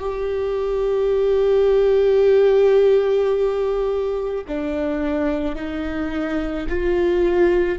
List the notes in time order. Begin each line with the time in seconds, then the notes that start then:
0.00 G4
4.48 D4
5.56 D#4
6.69 F4